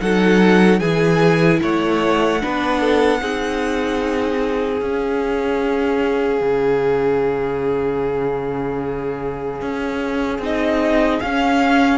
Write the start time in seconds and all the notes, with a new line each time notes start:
0.00 F#3 D#4 A4 F#5
0.79 E3 E4 G#4 G#5
1.61 A3 C#5 F#5
2.40 B3 D4 B4
2.80 A4
3.21 C4 D#4 G#4
4.79 C#4 F5
6.41 C#3
9.61 C#4
10.38 C4 D#4 D#5
11.20 C#4 F5